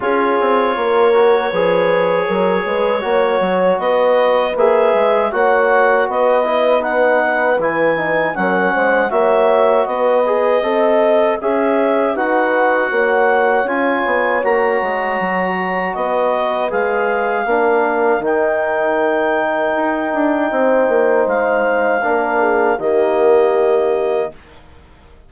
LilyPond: <<
  \new Staff \with { instrumentName = "clarinet" } { \time 4/4 \tempo 4 = 79 cis''1~ | cis''4 dis''4 e''4 fis''4 | dis''4 fis''4 gis''4 fis''4 | e''4 dis''2 e''4 |
fis''2 gis''4 ais''4~ | ais''4 dis''4 f''2 | g''1 | f''2 dis''2 | }
  \new Staff \with { instrumentName = "horn" } { \time 4/4 gis'4 ais'4 b'4 ais'8 b'8 | cis''4 b'2 cis''4 | b'2. ais'8 c''8 | cis''4 b'4 dis''4 cis''4 |
b'4 cis''2.~ | cis''4 b'2 ais'4~ | ais'2. c''4~ | c''4 ais'8 gis'8 g'2 | }
  \new Staff \with { instrumentName = "trombone" } { \time 4/4 f'4. fis'8 gis'2 | fis'2 gis'4 fis'4~ | fis'8 e'8 dis'4 e'8 dis'8 cis'4 | fis'4. gis'8 a'4 gis'4 |
fis'2 f'4 fis'4~ | fis'2 gis'4 d'4 | dis'1~ | dis'4 d'4 ais2 | }
  \new Staff \with { instrumentName = "bassoon" } { \time 4/4 cis'8 c'8 ais4 f4 fis8 gis8 | ais8 fis8 b4 ais8 gis8 ais4 | b2 e4 fis8 gis8 | ais4 b4 c'4 cis'4 |
dis'4 ais4 cis'8 b8 ais8 gis8 | fis4 b4 gis4 ais4 | dis2 dis'8 d'8 c'8 ais8 | gis4 ais4 dis2 | }
>>